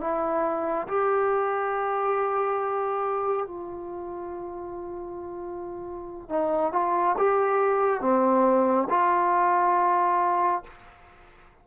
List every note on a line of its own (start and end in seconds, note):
0.00 0.87 E4
0.87 3.46 G4
3.46 6.29 F4
6.29 6.72 D#4
6.72 7.16 F4
7.17 8.00 G4
8.00 8.87 C4
8.89 10.63 F4